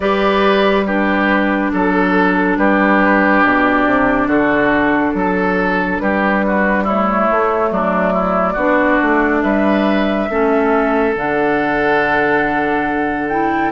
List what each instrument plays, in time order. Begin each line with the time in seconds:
0.00 bassoon G3, clarinet G4, oboe B4, flute D5
0.86 clarinet D4, oboe G4, flute B4
1.72 bassoon F#3, oboe A4, flute A4
2.57 bassoon G3, oboe G4, flute B4
3.43 bassoon B2, flute D5
3.86 bassoon C3
4.27 bassoon D3, oboe F#4, flute A4
5.14 bassoon F#3, oboe A4
5.99 bassoon G3, oboe G4, flute B4
6.46 oboe F#4
6.83 clarinet A3, oboe E4, flute C#5
7.30 bassoon A3
7.71 bassoon F#3, oboe D4, flute D5
8.13 oboe E4
8.53 bassoon B3, clarinet D4, oboe F#4
9.02 bassoon A3
9.42 bassoon G3, oboe B4, flute E5
10.29 bassoon A3, clarinet C#4, oboe A4
11.15 bassoon D3, clarinet D4, flute F#5
13.28 clarinet E4, flute G5